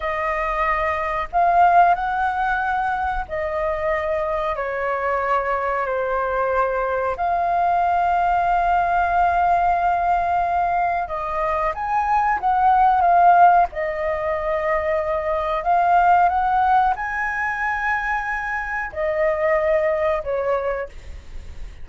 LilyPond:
\new Staff \with { instrumentName = "flute" } { \time 4/4 \tempo 4 = 92 dis''2 f''4 fis''4~ | fis''4 dis''2 cis''4~ | cis''4 c''2 f''4~ | f''1~ |
f''4 dis''4 gis''4 fis''4 | f''4 dis''2. | f''4 fis''4 gis''2~ | gis''4 dis''2 cis''4 | }